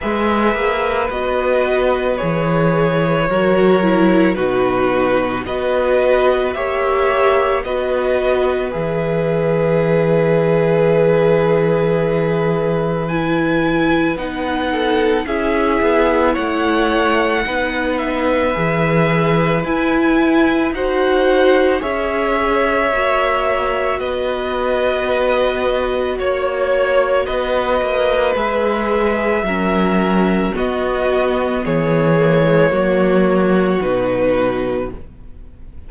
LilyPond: <<
  \new Staff \with { instrumentName = "violin" } { \time 4/4 \tempo 4 = 55 e''4 dis''4 cis''2 | b'4 dis''4 e''4 dis''4 | e''1 | gis''4 fis''4 e''4 fis''4~ |
fis''8 e''4. gis''4 fis''4 | e''2 dis''2 | cis''4 dis''4 e''2 | dis''4 cis''2 b'4 | }
  \new Staff \with { instrumentName = "violin" } { \time 4/4 b'2. ais'4 | fis'4 b'4 cis''4 b'4~ | b'1~ | b'4. a'8 gis'4 cis''4 |
b'2. c''4 | cis''2 b'2 | cis''4 b'2 ais'4 | fis'4 gis'4 fis'2 | }
  \new Staff \with { instrumentName = "viola" } { \time 4/4 gis'4 fis'4 gis'4 fis'8 e'8 | dis'4 fis'4 g'4 fis'4 | gis'1 | e'4 dis'4 e'2 |
dis'4 gis'4 e'4 fis'4 | gis'4 fis'2.~ | fis'2 gis'4 cis'4 | b4. ais16 gis16 ais4 dis'4 | }
  \new Staff \with { instrumentName = "cello" } { \time 4/4 gis8 ais8 b4 e4 fis4 | b,4 b4 ais4 b4 | e1~ | e4 b4 cis'8 b8 a4 |
b4 e4 e'4 dis'4 | cis'4 ais4 b2 | ais4 b8 ais8 gis4 fis4 | b4 e4 fis4 b,4 | }
>>